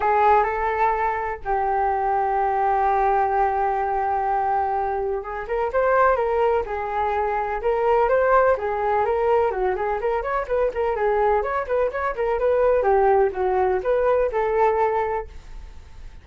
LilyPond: \new Staff \with { instrumentName = "flute" } { \time 4/4 \tempo 4 = 126 gis'4 a'2 g'4~ | g'1~ | g'2. gis'8 ais'8 | c''4 ais'4 gis'2 |
ais'4 c''4 gis'4 ais'4 | fis'8 gis'8 ais'8 cis''8 b'8 ais'8 gis'4 | cis''8 b'8 cis''8 ais'8 b'4 g'4 | fis'4 b'4 a'2 | }